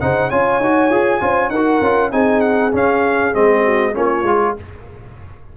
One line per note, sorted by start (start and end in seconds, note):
0.00 0.31 C#3
0.00 0.31 D#4
0.00 0.29 C5
0.00 0.30 F#5
0.29 0.60 C#4
0.29 0.61 F4
0.29 1.20 C#5
0.29 1.49 G#5
0.60 0.89 D#4
0.60 0.91 F#4
0.89 1.20 F4
0.89 1.20 G#4
1.20 1.49 C#4
1.20 1.51 F4
1.20 1.51 C5
1.49 1.79 D#4
1.49 2.11 A#4
1.49 2.10 F#5
1.55 1.82 F#4
1.81 2.11 C#4
1.81 2.11 F4
2.11 2.73 C4
2.11 2.71 D#4
2.11 3.63 G#4
2.11 2.40 G#5
2.40 2.71 F#5
2.72 3.33 C#4
2.72 3.34 C#4
2.72 3.34 F5
3.33 3.95 G#3
3.33 3.93 C4
3.33 3.95 D#5
3.63 3.94 F#4
3.93 4.23 A#3
3.93 4.23 C#4
3.93 4.56 F4
3.93 4.56 C#5
4.23 4.53 G#3
4.23 4.56 F4